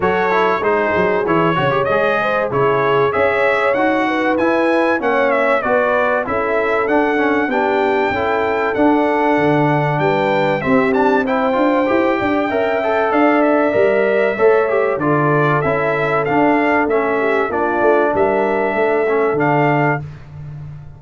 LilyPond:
<<
  \new Staff \with { instrumentName = "trumpet" } { \time 4/4 \tempo 4 = 96 cis''4 c''4 cis''4 dis''4 | cis''4 e''4 fis''4 gis''4 | fis''8 e''8 d''4 e''4 fis''4 | g''2 fis''2 |
g''4 e''8 a''8 g''2~ | g''4 f''8 e''2~ e''8 | d''4 e''4 f''4 e''4 | d''4 e''2 f''4 | }
  \new Staff \with { instrumentName = "horn" } { \time 4/4 a'4 gis'4. cis''4 c''8 | gis'4 cis''4. b'4. | cis''4 b'4 a'2 | g'4 a'2. |
b'4 g'4 c''4. d''8 | e''4 d''2 cis''4 | a'2.~ a'8 g'8 | f'4 ais'4 a'2 | }
  \new Staff \with { instrumentName = "trombone" } { \time 4/4 fis'8 e'8 dis'4 e'8 fis'16 g'16 gis'4 | e'4 gis'4 fis'4 e'4 | cis'4 fis'4 e'4 d'8 cis'8 | d'4 e'4 d'2~ |
d'4 c'8 d'8 e'8 f'8 g'4 | ais'8 a'4. ais'4 a'8 g'8 | f'4 e'4 d'4 cis'4 | d'2~ d'8 cis'8 d'4 | }
  \new Staff \with { instrumentName = "tuba" } { \time 4/4 fis4 gis8 fis8 e8 cis8 gis4 | cis4 cis'4 dis'4 e'4 | ais4 b4 cis'4 d'4 | b4 cis'4 d'4 d4 |
g4 c'4. d'8 e'8 d'8 | cis'4 d'4 g4 a4 | d4 cis'4 d'4 a4 | ais8 a8 g4 a4 d4 | }
>>